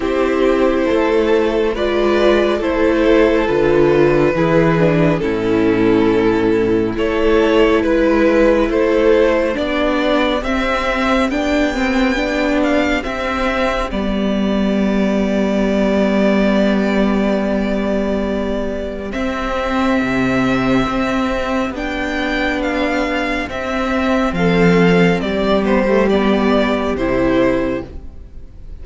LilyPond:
<<
  \new Staff \with { instrumentName = "violin" } { \time 4/4 \tempo 4 = 69 c''2 d''4 c''4 | b'2 a'2 | cis''4 b'4 c''4 d''4 | e''4 g''4. f''8 e''4 |
d''1~ | d''2 e''2~ | e''4 g''4 f''4 e''4 | f''4 d''8 c''8 d''4 c''4 | }
  \new Staff \with { instrumentName = "violin" } { \time 4/4 g'4 a'4 b'4 a'4~ | a'4 gis'4 e'2 | a'4 b'4 a'4 g'4~ | g'1~ |
g'1~ | g'1~ | g'1 | a'4 g'2. | }
  \new Staff \with { instrumentName = "viola" } { \time 4/4 e'2 f'4 e'4 | f'4 e'8 d'8 cis'2 | e'2. d'4 | c'4 d'8 c'8 d'4 c'4 |
b1~ | b2 c'2~ | c'4 d'2 c'4~ | c'4. b16 a16 b4 e'4 | }
  \new Staff \with { instrumentName = "cello" } { \time 4/4 c'4 a4 gis4 a4 | d4 e4 a,2 | a4 gis4 a4 b4 | c'4 b2 c'4 |
g1~ | g2 c'4 c4 | c'4 b2 c'4 | f4 g2 c4 | }
>>